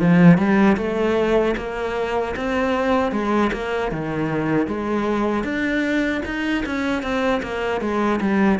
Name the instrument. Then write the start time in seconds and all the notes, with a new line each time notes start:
cello
0.00 F3
0.38 G3
0.77 A3
1.57 A#3
2.36 C4
3.12 G#3
3.52 A#3
3.91 D#3
4.66 G#3
5.44 D4
6.25 D#4
6.66 C#4
7.02 C4
7.42 A#3
7.81 G#3
8.20 G3